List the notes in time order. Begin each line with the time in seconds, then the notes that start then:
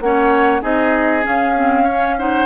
0.00 A#3 C#4 C#5 F#5
0.61 C4 D#4 G#4 D#5
1.23 C#4 F5
1.56 C4
1.84 C#4 C#5
2.19 D#4 C5 F#5